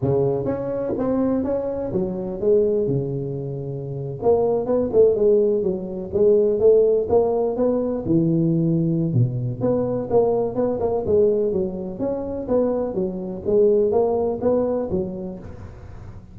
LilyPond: \new Staff \with { instrumentName = "tuba" } { \time 4/4 \tempo 4 = 125 cis4 cis'4 c'4 cis'4 | fis4 gis4 cis2~ | cis8. ais4 b8 a8 gis4 fis16~ | fis8. gis4 a4 ais4 b16~ |
b8. e2~ e16 b,4 | b4 ais4 b8 ais8 gis4 | fis4 cis'4 b4 fis4 | gis4 ais4 b4 fis4 | }